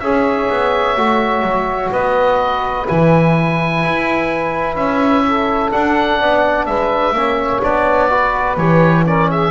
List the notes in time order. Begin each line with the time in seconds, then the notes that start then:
0.00 C#4 G#4 C#5 E5
0.50 B3
0.97 A3 F#4
1.43 F#3
1.91 B3 B4 D#5
2.86 E3 E4 G#5
3.84 E4
4.76 C#4 E5
5.28 A4
5.71 D4 F#5
6.19 B3 D5
6.66 G#3 B4 E5
7.12 A#3 C#4 C#5
7.63 B3 D4 D5
8.09 F#4 B4
8.57 E3 G4 C#5
9.06 C#4 A#4 D5
9.29 G#4 E5